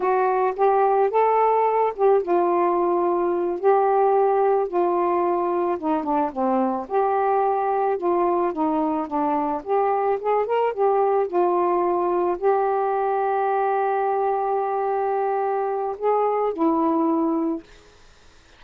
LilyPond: \new Staff \with { instrumentName = "saxophone" } { \time 4/4 \tempo 4 = 109 fis'4 g'4 a'4. g'8 | f'2~ f'8 g'4.~ | g'8 f'2 dis'8 d'8 c'8~ | c'8 g'2 f'4 dis'8~ |
dis'8 d'4 g'4 gis'8 ais'8 g'8~ | g'8 f'2 g'4.~ | g'1~ | g'4 gis'4 e'2 | }